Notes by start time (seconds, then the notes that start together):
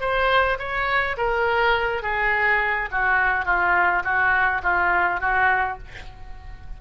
0.00 C5
0.58 C#5
1.17 A#4
2.02 G#4
2.91 F#4
3.45 F4
4.04 F#4
4.63 F4
5.20 F#4